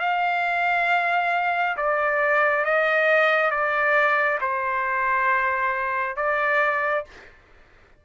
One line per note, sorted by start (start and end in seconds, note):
0.00 1.76 F5
1.77 2.65 D5
2.65 3.51 D#5
3.51 4.39 D5
4.41 6.16 C5
6.16 7.05 D5